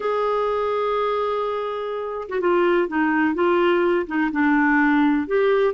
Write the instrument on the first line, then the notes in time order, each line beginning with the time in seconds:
clarinet
0.00 G#4
2.28 F#4
2.40 F4
2.88 D#4
3.34 F4
4.06 D#4
4.31 D4
5.27 G4